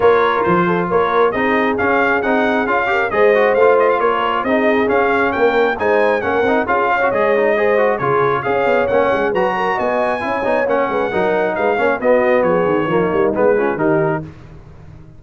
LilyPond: <<
  \new Staff \with { instrumentName = "trumpet" } { \time 4/4 \tempo 4 = 135 cis''4 c''4 cis''4 dis''4 | f''4 fis''4 f''4 dis''4 | f''8 dis''16 f''16 cis''4 dis''4 f''4 | g''4 gis''4 fis''4 f''4 |
dis''2 cis''4 f''4 | fis''4 ais''4 gis''2 | fis''2 f''4 dis''4 | cis''2 b'4 ais'4 | }
  \new Staff \with { instrumentName = "horn" } { \time 4/4 ais'4. a'8 ais'4 gis'4~ | gis'2~ gis'8 ais'8 c''4~ | c''4 ais'4 gis'2 | ais'4 c''4 ais'4 gis'8 cis''8~ |
cis''4 c''4 gis'4 cis''4~ | cis''4 b'8 ais'8 dis''4 cis''4~ | cis''8 b'8 ais'4 b'8 cis''8 fis'4 | gis'4 dis'4. f'8 g'4 | }
  \new Staff \with { instrumentName = "trombone" } { \time 4/4 f'2. dis'4 | cis'4 dis'4 f'8 g'8 gis'8 fis'8 | f'2 dis'4 cis'4~ | cis'4 dis'4 cis'8 dis'8 f'8. fis'16 |
gis'8 dis'8 gis'8 fis'8 f'4 gis'4 | cis'4 fis'2 e'8 dis'8 | cis'4 dis'4. cis'8 b4~ | b4 ais4 b8 cis'8 dis'4 | }
  \new Staff \with { instrumentName = "tuba" } { \time 4/4 ais4 f4 ais4 c'4 | cis'4 c'4 cis'4 gis4 | a4 ais4 c'4 cis'4 | ais4 gis4 ais8 c'8 cis'4 |
gis2 cis4 cis'8 b8 | ais8 gis8 fis4 b4 cis'8 b8 | ais8 gis8 fis4 gis8 ais8 b4 | f8 dis8 f8 g8 gis4 dis4 | }
>>